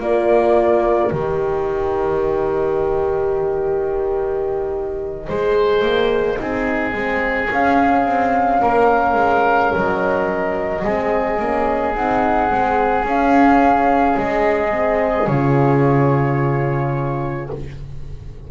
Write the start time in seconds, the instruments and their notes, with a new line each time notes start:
0.00 double bass A#3, horn F4, oboe A#4, flute D5
1.11 double bass D#3, horn G4, flute D#5
5.28 double bass G#3, horn G#4, oboe C5
5.83 double bass A#3
6.37 double bass C4, horn D#4, oboe G#4
6.93 double bass G#3, horn C4
7.51 double bass C#4, horn C#4, flute F5
8.05 double bass C4
8.61 double bass A#3, oboe A#4
9.14 double bass G#3
9.74 double bass F#3, flute D#5
10.83 double bass G#3, horn C4, oboe G#4
11.39 double bass A#3, horn C#4
11.94 double bass C4, horn D#4, flute F#5
12.49 double bass G#3, horn C4
13.04 double bass C#4, horn C#4, flute F5
14.17 double bass G#3, flute D#5
14.71 horn C4
15.27 double bass C#3, horn F4, flute C#5